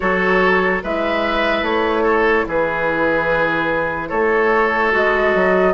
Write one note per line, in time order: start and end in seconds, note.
0.00 0.83 F#3
0.00 0.80 F#4
0.00 0.83 A4
0.00 0.82 C#5
0.80 1.61 G#3
0.80 4.91 E4
0.80 2.03 B4
0.80 1.64 E5
1.61 2.44 A3
1.61 2.46 C#5
2.03 2.44 A4
2.47 4.11 E3
2.47 4.08 G#4
2.47 4.09 B4
4.08 4.93 A3
4.08 5.73 A4
4.08 4.91 C#5
4.91 5.34 G#3
4.91 5.73 F#4
4.91 5.73 D#5
5.34 5.73 F#3